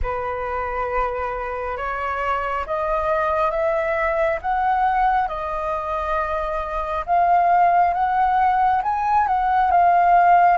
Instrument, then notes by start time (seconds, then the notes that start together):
flute
0.02 B4
1.76 C#5
2.66 D#5
3.51 E5
4.41 F#5
5.28 D#5
7.05 F5
7.93 F#5
8.82 G#5
9.27 F#5
9.71 F5